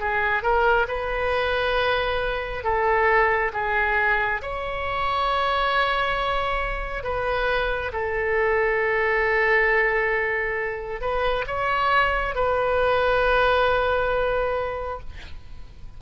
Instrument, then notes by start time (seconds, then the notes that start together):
oboe
0.00 G#4
0.43 A#4
0.88 B4
2.64 A4
3.53 G#4
4.42 C#5
7.04 B4
7.93 A4
11.01 B4
11.47 C#5
12.35 B4